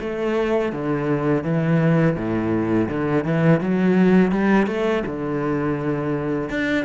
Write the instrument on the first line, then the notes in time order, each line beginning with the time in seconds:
cello
0.00 A3
0.73 D3
1.44 E3
2.16 A2
2.89 D3
3.24 E3
3.60 F#3
4.31 G3
4.67 A3
5.06 D3
6.49 D4